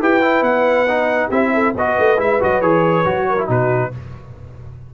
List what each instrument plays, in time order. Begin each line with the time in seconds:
0.00 tuba E4, trombone G4, horn B4, trumpet G5
0.22 trombone E4
0.42 tuba B3, trumpet F#5
0.88 trombone D#4
1.28 tuba C4, trombone E4, horn G4, trumpet E5
1.54 horn A4
1.74 tuba B3, trombone F#4, horn B4, trumpet D#5
1.99 tuba A3
2.17 tuba G#3, trombone E4, trumpet E5
2.40 tuba F#3, trombone F#4, trumpet D#5
2.61 tuba E3, trombone G#4, trumpet C#5
3.05 tuba F#3, trombone F#4
3.28 horn A#4
3.39 trombone E4
3.47 tuba B2, trombone D#4, horn F#4, trumpet B4